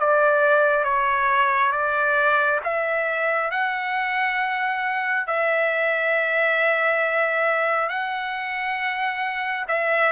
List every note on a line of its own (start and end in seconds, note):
0.00 0.84 D5
0.84 1.72 C#5
1.72 2.60 D5
2.64 3.51 E5
3.51 5.27 F#5
5.27 7.89 E5
7.89 9.66 F#5
9.68 10.12 E5